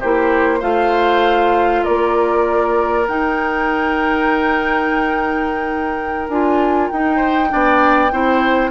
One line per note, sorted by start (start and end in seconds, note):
0.00 0.62 A#3
0.00 0.61 E4
0.00 0.60 G4
0.00 0.62 C5
0.60 1.85 A3
0.60 3.05 F4
0.60 1.82 C5
0.60 1.84 F5
1.84 3.08 A#3
1.84 7.16 A#4
1.84 3.06 D5
3.07 6.28 D#4
3.07 6.30 D#4
3.07 6.28 G5
6.28 6.90 D4
6.28 6.92 F4
6.28 6.88 G#5
6.88 7.53 D#4
6.88 7.48 D#4
6.88 8.71 G5
7.16 7.47 C5
7.48 8.12 B3
7.48 8.10 D4
7.48 8.12 D5
8.11 8.71 C4
8.11 8.71 E4
8.11 8.71 C5